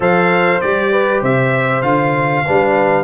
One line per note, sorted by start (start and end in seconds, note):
0.00 0.60 F3
0.00 0.61 A4
0.00 0.91 C5
0.00 0.60 F5
0.60 1.22 G3
0.60 1.82 G4
0.60 1.22 D5
0.91 1.22 B4
1.22 1.82 C3
1.22 2.44 C5
1.22 1.82 E5
1.82 2.43 D3
1.82 2.44 F4
1.82 3.04 F5
2.44 3.04 G3
2.44 3.04 D4
2.44 3.04 B4